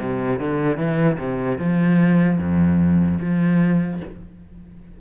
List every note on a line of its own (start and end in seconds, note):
0.00 0.40 C3
0.40 0.78 D3
0.78 1.18 E3
1.19 1.59 C3
1.59 2.39 F3
2.39 3.19 F2
3.21 4.01 F3